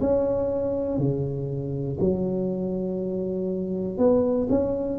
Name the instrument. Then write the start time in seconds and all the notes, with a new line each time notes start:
tuba
0.00 C#4
0.98 C#3
2.00 F#3
3.98 B3
4.49 C#4